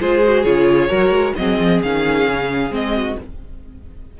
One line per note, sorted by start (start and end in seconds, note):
0.00 0.44 G#3
0.00 0.23 F4
0.00 0.88 G#4
0.00 0.43 C5
0.23 0.44 F#4
0.43 0.90 C#3
0.43 0.89 F4
0.43 1.34 C#5
0.88 1.10 F#3
0.88 1.35 F#4
0.88 1.34 A#4
1.10 1.32 G#3
1.35 1.58 F#3
1.35 1.83 C4
1.35 2.95 G#4
1.35 1.81 D#5
1.58 1.80 F3
1.82 2.26 D#3
1.82 2.70 C#4
1.82 2.73 F5
2.26 2.70 C#3
2.70 3.15 G#3
2.70 3.16 C4
2.70 3.19 D#5
2.95 3.18 F#4